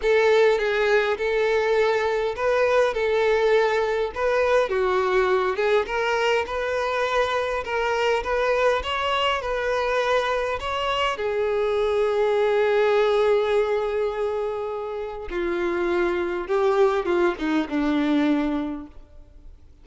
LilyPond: \new Staff \with { instrumentName = "violin" } { \time 4/4 \tempo 4 = 102 a'4 gis'4 a'2 | b'4 a'2 b'4 | fis'4. gis'8 ais'4 b'4~ | b'4 ais'4 b'4 cis''4 |
b'2 cis''4 gis'4~ | gis'1~ | gis'2 f'2 | g'4 f'8 dis'8 d'2 | }